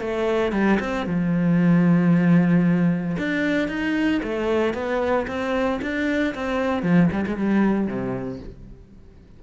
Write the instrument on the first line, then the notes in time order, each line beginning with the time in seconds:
cello
0.00 A3
0.52 G3
0.79 C4
1.06 F3
3.18 D4
3.68 D#4
4.22 A3
4.73 B3
5.27 C4
5.81 D4
6.34 C4
6.83 F3
7.12 G3
7.26 G#3
7.36 G3
7.87 C3